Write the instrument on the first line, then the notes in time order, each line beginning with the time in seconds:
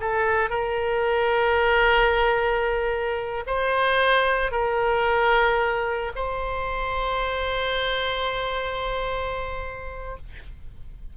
oboe
0.00 A4
0.49 A#4
3.46 C5
4.51 A#4
6.15 C5